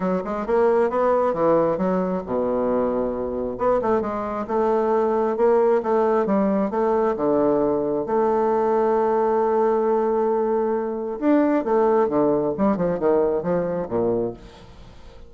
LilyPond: \new Staff \with { instrumentName = "bassoon" } { \time 4/4 \tempo 4 = 134 fis8 gis8 ais4 b4 e4 | fis4 b,2. | b8 a8 gis4 a2 | ais4 a4 g4 a4 |
d2 a2~ | a1~ | a4 d'4 a4 d4 | g8 f8 dis4 f4 ais,4 | }